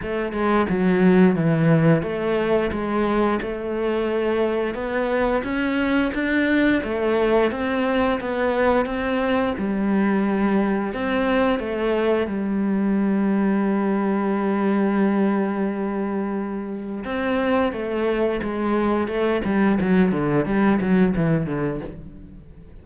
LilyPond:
\new Staff \with { instrumentName = "cello" } { \time 4/4 \tempo 4 = 88 a8 gis8 fis4 e4 a4 | gis4 a2 b4 | cis'4 d'4 a4 c'4 | b4 c'4 g2 |
c'4 a4 g2~ | g1~ | g4 c'4 a4 gis4 | a8 g8 fis8 d8 g8 fis8 e8 d8 | }